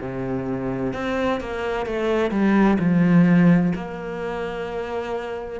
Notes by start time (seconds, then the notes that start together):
0.00 C3
0.93 C4
1.40 A#3
1.86 A3
2.31 G3
2.79 F3
3.75 A#3